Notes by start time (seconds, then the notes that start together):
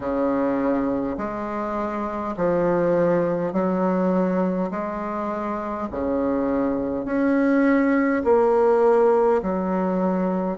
0.00 C#3
1.17 G#3
2.36 F3
3.52 F#3
4.71 G#3
5.91 C#3
7.05 C#4
8.24 A#3
9.42 F#3